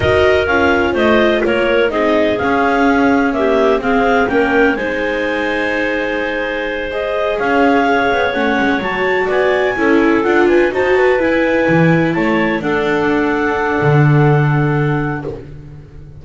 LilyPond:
<<
  \new Staff \with { instrumentName = "clarinet" } { \time 4/4 \tempo 4 = 126 dis''4 f''4 dis''4 cis''4 | dis''4 f''2 e''4 | f''4 g''4 gis''2~ | gis''2~ gis''8 dis''4 f''8~ |
f''4. fis''4 a''4 gis''8~ | gis''4. fis''8 gis''8 a''4 gis''8~ | gis''4. a''4 fis''4.~ | fis''1 | }
  \new Staff \with { instrumentName = "clarinet" } { \time 4/4 ais'2 c''4 ais'4 | gis'2. g'4 | gis'4 ais'4 c''2~ | c''2.~ c''8 cis''8~ |
cis''2.~ cis''8 d''8~ | d''8 a'4. b'8 c''8 b'4~ | b'4. cis''4 a'4.~ | a'1 | }
  \new Staff \with { instrumentName = "viola" } { \time 4/4 fis'4 f'2. | dis'4 cis'2 ais4 | c'4 cis'4 dis'2~ | dis'2~ dis'8 gis'4.~ |
gis'4. cis'4 fis'4.~ | fis'8 e'4 f'4 fis'4 e'8~ | e'2~ e'8 d'4.~ | d'1 | }
  \new Staff \with { instrumentName = "double bass" } { \time 4/4 dis'4 cis'4 a4 ais4 | c'4 cis'2. | c'4 ais4 gis2~ | gis2.~ gis8 cis'8~ |
cis'4 b8 a8 gis8 fis4 b8~ | b8 cis'4 d'4 dis'4 e'8~ | e'8 e4 a4 d'4.~ | d'4 d2. | }
>>